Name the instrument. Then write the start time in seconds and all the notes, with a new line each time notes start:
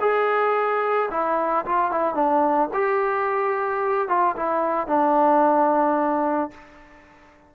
trombone
0.00 G#4
1.10 E4
1.65 F4
1.91 E4
2.14 D4
2.73 G4
4.08 F4
4.36 E4
4.87 D4